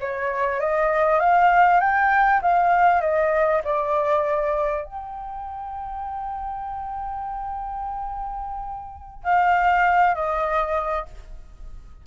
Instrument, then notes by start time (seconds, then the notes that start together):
flute
0.00 C#5
0.60 D#5
1.20 F5
1.80 G5
2.42 F5
3.01 D#5
3.64 D5
4.85 G5
9.24 F5
10.14 D#5